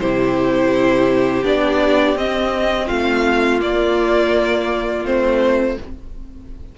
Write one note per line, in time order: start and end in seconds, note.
0.00 1.44 C3
0.00 1.44 E4
0.00 2.86 G4
0.00 1.45 C5
1.44 2.16 B3
1.44 2.16 D4
1.44 2.18 D5
2.16 2.88 C4
2.16 3.60 C4
2.16 2.89 D#5
2.86 3.61 A3
2.86 5.75 F4
2.86 3.61 F5
3.60 5.05 A#3
3.60 5.06 A#3
3.60 5.06 D5
5.06 5.78 A3
5.06 5.78 C4
5.06 5.78 C5